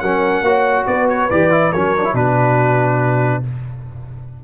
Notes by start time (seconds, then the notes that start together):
0.00 F#3 C#4 A#4 F#5
0.42 A#3 F#4 C#5
0.87 B3 B4 D5
1.09 C#5
1.30 E3 G4 D5
1.51 E4
1.72 F#3 C#4 A#4 C#5
1.97 D4
2.04 E4
2.14 B2 D4 F#4 B4